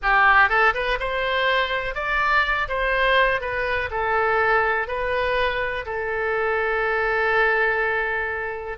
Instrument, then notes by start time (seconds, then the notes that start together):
oboe
0.02 G4
0.49 A4
0.74 B4
0.99 C5
1.94 D5
2.68 C5
3.40 B4
3.90 A4
4.87 B4
5.85 A4